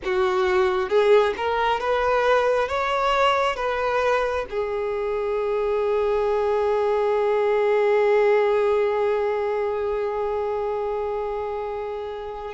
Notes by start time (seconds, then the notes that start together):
0.04 F#4
0.89 G#4
1.36 A#4
1.80 B4
2.68 C#5
3.56 B4
4.49 G#4